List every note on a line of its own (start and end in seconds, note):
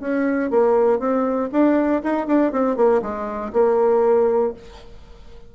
0.00 0.50 C#4
0.50 0.99 A#3
0.99 1.49 C4
1.52 2.02 D4
2.03 2.27 D#4
2.27 2.52 D4
2.52 2.76 C4
2.76 3.02 A#3
3.02 3.52 G#3
3.53 4.54 A#3